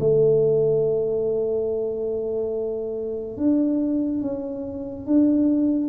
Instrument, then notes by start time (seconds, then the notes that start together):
tuba
0.00 A3
3.37 D4
4.22 C#4
5.07 D4